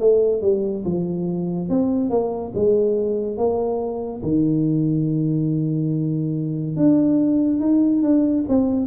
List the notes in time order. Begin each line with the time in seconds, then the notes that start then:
0.00 A3
0.42 G3
0.85 F3
1.69 C4
2.10 A#3
2.55 G#3
3.38 A#3
4.23 D#3
6.77 D4
7.60 D#4
8.02 D4
8.49 C4